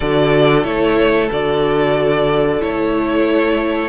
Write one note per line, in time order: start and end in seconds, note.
0.00 0.64 D3
0.00 0.64 F#4
0.00 3.88 A4
0.00 0.63 D5
0.64 1.29 A3
0.64 1.29 E4
0.64 1.29 C#5
1.31 2.62 D3
1.31 2.60 F#4
1.31 2.61 D5
2.60 3.88 A3
2.60 3.88 E4
2.60 3.88 C#5